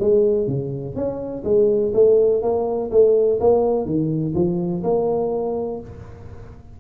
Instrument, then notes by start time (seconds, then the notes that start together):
tuba
0.00 G#3
0.47 C#3
0.95 C#4
1.45 G#3
1.94 A3
2.43 A#3
2.91 A3
3.40 A#3
3.86 D#3
4.35 F3
4.84 A#3